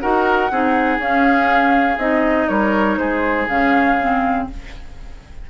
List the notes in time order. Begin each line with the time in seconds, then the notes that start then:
0.00 D#4 F#4 A#4 F#5
0.51 C4 D#4 G#4
0.98 C#4 F5
1.97 C4 D#4 D#5
2.48 G3 A#4 C#5
2.98 G#3 G#4 C5
3.48 C#3 C#4 F5
4.00 C4